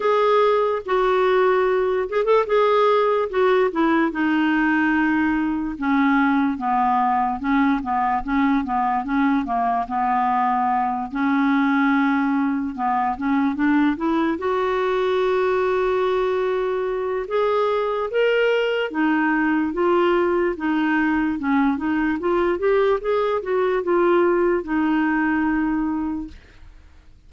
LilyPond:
\new Staff \with { instrumentName = "clarinet" } { \time 4/4 \tempo 4 = 73 gis'4 fis'4. gis'16 a'16 gis'4 | fis'8 e'8 dis'2 cis'4 | b4 cis'8 b8 cis'8 b8 cis'8 ais8 | b4. cis'2 b8 |
cis'8 d'8 e'8 fis'2~ fis'8~ | fis'4 gis'4 ais'4 dis'4 | f'4 dis'4 cis'8 dis'8 f'8 g'8 | gis'8 fis'8 f'4 dis'2 | }